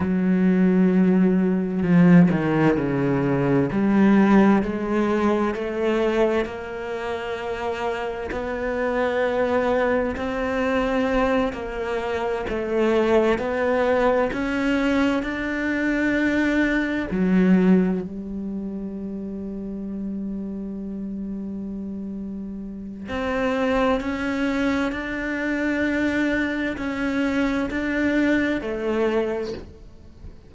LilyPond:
\new Staff \with { instrumentName = "cello" } { \time 4/4 \tempo 4 = 65 fis2 f8 dis8 cis4 | g4 gis4 a4 ais4~ | ais4 b2 c'4~ | c'8 ais4 a4 b4 cis'8~ |
cis'8 d'2 fis4 g8~ | g1~ | g4 c'4 cis'4 d'4~ | d'4 cis'4 d'4 a4 | }